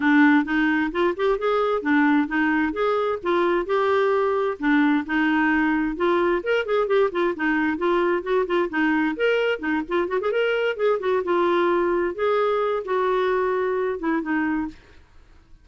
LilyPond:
\new Staff \with { instrumentName = "clarinet" } { \time 4/4 \tempo 4 = 131 d'4 dis'4 f'8 g'8 gis'4 | d'4 dis'4 gis'4 f'4 | g'2 d'4 dis'4~ | dis'4 f'4 ais'8 gis'8 g'8 f'8 |
dis'4 f'4 fis'8 f'8 dis'4 | ais'4 dis'8 f'8 fis'16 gis'16 ais'4 gis'8 | fis'8 f'2 gis'4. | fis'2~ fis'8 e'8 dis'4 | }